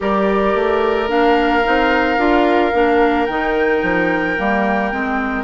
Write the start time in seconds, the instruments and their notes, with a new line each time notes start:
0.00 bassoon G3, clarinet G4, oboe A#4, flute D5
0.55 bassoon A3
1.07 bassoon A#3, clarinet D4, flute F5
1.64 bassoon C4, clarinet D#4
2.17 bassoon D4, clarinet F4
2.72 bassoon A#3, clarinet D4
3.25 bassoon D#3, clarinet D#4, flute G5
3.82 bassoon F3
4.37 bassoon G3, clarinet A#3
4.91 bassoon G#3, clarinet C4